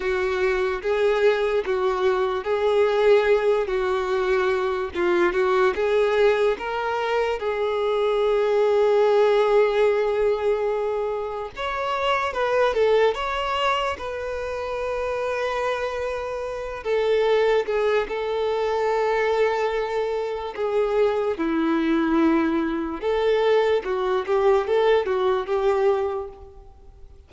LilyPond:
\new Staff \with { instrumentName = "violin" } { \time 4/4 \tempo 4 = 73 fis'4 gis'4 fis'4 gis'4~ | gis'8 fis'4. f'8 fis'8 gis'4 | ais'4 gis'2.~ | gis'2 cis''4 b'8 a'8 |
cis''4 b'2.~ | b'8 a'4 gis'8 a'2~ | a'4 gis'4 e'2 | a'4 fis'8 g'8 a'8 fis'8 g'4 | }